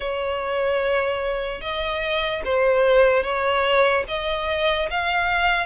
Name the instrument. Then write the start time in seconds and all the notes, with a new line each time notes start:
violin
0.00 C#5
1.61 D#5
2.44 C5
3.22 C#5
4.08 D#5
4.90 F5